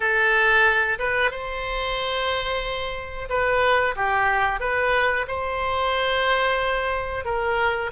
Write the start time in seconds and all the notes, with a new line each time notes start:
0.00 A4
0.98 B4
1.30 C5
3.29 B4
3.96 G4
4.60 B4
5.27 C5
7.25 A#4